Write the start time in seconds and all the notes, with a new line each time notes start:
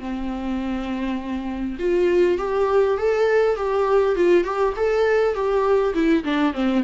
0.00 C4
1.80 F4
2.38 G4
2.98 A4
3.56 G4
4.16 F4
4.44 G4
4.77 A4
5.35 G4
5.94 E4
6.25 D4
6.54 C4